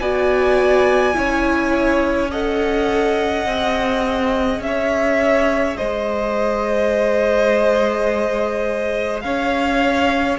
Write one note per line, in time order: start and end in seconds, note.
0.00 1.15 B3
0.00 1.14 F#4
0.00 1.16 D5
0.00 2.31 G#5
1.14 3.46 C#4
1.14 2.29 E4
1.14 2.31 C#5
2.31 3.46 A4
2.31 4.62 D#5
2.31 4.62 F#5
3.46 4.60 C4
3.46 10.38 G#4
4.60 5.75 C#4
4.60 5.77 E5
4.67 5.77 C#5
5.77 9.24 G#3
5.77 9.23 C5
5.77 9.21 D#5
9.21 10.39 C#4
9.21 10.39 C#5
9.21 10.36 F5